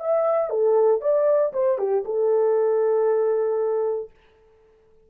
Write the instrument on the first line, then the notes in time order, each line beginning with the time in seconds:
horn
0.00 E5
0.50 A4
1.01 D5
1.53 C5
1.79 G4
2.05 A4